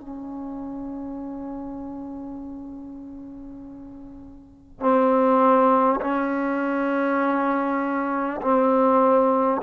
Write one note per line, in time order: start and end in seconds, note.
0.00 4.80 C#4
4.81 6.01 C4
6.01 8.41 C#4
8.42 9.62 C4